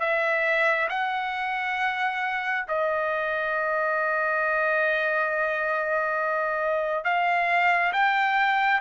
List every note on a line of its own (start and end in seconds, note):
0.00 0.88 E5
0.89 2.66 F#5
2.68 7.04 D#5
7.04 7.93 F5
7.93 8.81 G5